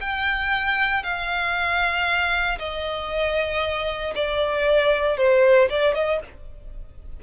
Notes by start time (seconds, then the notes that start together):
0.00 G5
1.03 F5
2.59 D#5
4.15 D5
5.17 C5
5.69 D5
5.94 D#5